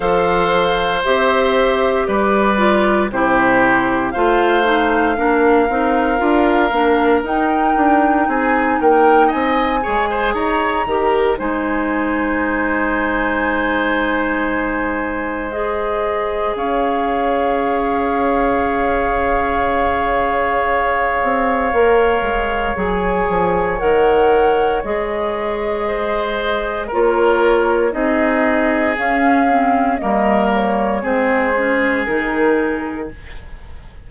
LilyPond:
<<
  \new Staff \with { instrumentName = "flute" } { \time 4/4 \tempo 4 = 58 f''4 e''4 d''4 c''4 | f''2. g''4 | gis''8 g''8 gis''4 ais''4 gis''4~ | gis''2. dis''4 |
f''1~ | f''2 gis''4 fis''4 | dis''2 cis''4 dis''4 | f''4 dis''8 cis''8 c''4 ais'4 | }
  \new Staff \with { instrumentName = "oboe" } { \time 4/4 c''2 b'4 g'4 | c''4 ais'2. | gis'8 ais'8 dis''8 cis''16 c''16 cis''8 ais'8 c''4~ | c''1 |
cis''1~ | cis''1~ | cis''4 c''4 ais'4 gis'4~ | gis'4 ais'4 gis'2 | }
  \new Staff \with { instrumentName = "clarinet" } { \time 4/4 a'4 g'4. f'8 e'4 | f'8 dis'8 d'8 dis'8 f'8 d'8 dis'4~ | dis'4. gis'4 g'8 dis'4~ | dis'2. gis'4~ |
gis'1~ | gis'4 ais'4 gis'4 ais'4 | gis'2 f'4 dis'4 | cis'8 c'8 ais4 c'8 cis'8 dis'4 | }
  \new Staff \with { instrumentName = "bassoon" } { \time 4/4 f4 c'4 g4 c4 | a4 ais8 c'8 d'8 ais8 dis'8 d'8 | c'8 ais8 c'8 gis8 dis'8 dis8 gis4~ | gis1 |
cis'1~ | cis'8 c'8 ais8 gis8 fis8 f8 dis4 | gis2 ais4 c'4 | cis'4 g4 gis4 dis4 | }
>>